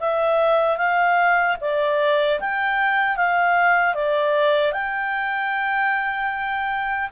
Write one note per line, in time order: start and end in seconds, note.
0.00 0.78 E5
0.78 1.56 F5
1.61 2.40 D5
2.40 3.17 G5
3.17 3.94 F5
3.94 4.73 D5
4.73 7.09 G5